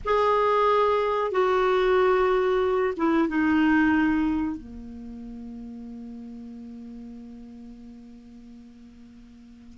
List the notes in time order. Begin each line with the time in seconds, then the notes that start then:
0.04 G#4
1.31 F#4
2.96 E4
3.28 D#4
4.57 A#3